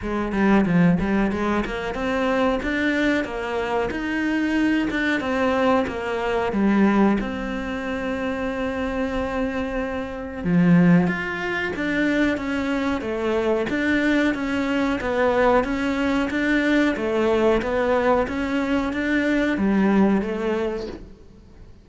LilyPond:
\new Staff \with { instrumentName = "cello" } { \time 4/4 \tempo 4 = 92 gis8 g8 f8 g8 gis8 ais8 c'4 | d'4 ais4 dis'4. d'8 | c'4 ais4 g4 c'4~ | c'1 |
f4 f'4 d'4 cis'4 | a4 d'4 cis'4 b4 | cis'4 d'4 a4 b4 | cis'4 d'4 g4 a4 | }